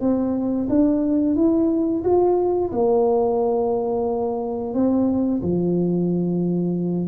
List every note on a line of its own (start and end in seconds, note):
0.00 0.67 C4
0.69 1.35 D4
1.35 2.03 E4
2.04 2.71 F4
2.72 4.73 A#3
4.73 5.41 C4
5.42 7.08 F3